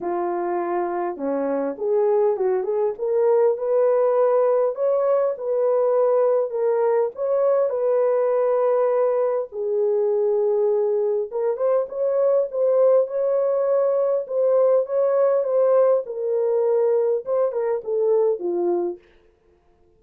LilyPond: \new Staff \with { instrumentName = "horn" } { \time 4/4 \tempo 4 = 101 f'2 cis'4 gis'4 | fis'8 gis'8 ais'4 b'2 | cis''4 b'2 ais'4 | cis''4 b'2. |
gis'2. ais'8 c''8 | cis''4 c''4 cis''2 | c''4 cis''4 c''4 ais'4~ | ais'4 c''8 ais'8 a'4 f'4 | }